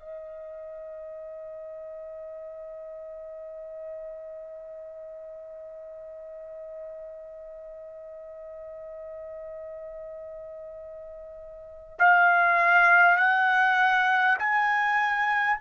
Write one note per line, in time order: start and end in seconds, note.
0.00 11.99 D#5
11.99 13.17 F5
13.17 14.37 F#5
14.39 15.59 G#5